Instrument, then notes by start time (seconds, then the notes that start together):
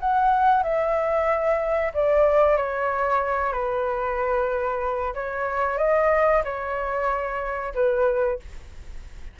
flute
0.00 F#5
0.63 E5
1.94 D5
2.57 C#5
3.52 B4
5.14 C#5
5.78 D#5
6.44 C#5
7.75 B4